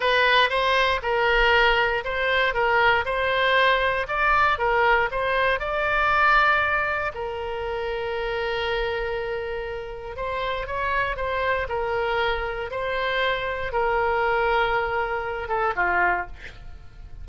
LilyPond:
\new Staff \with { instrumentName = "oboe" } { \time 4/4 \tempo 4 = 118 b'4 c''4 ais'2 | c''4 ais'4 c''2 | d''4 ais'4 c''4 d''4~ | d''2 ais'2~ |
ais'1 | c''4 cis''4 c''4 ais'4~ | ais'4 c''2 ais'4~ | ais'2~ ais'8 a'8 f'4 | }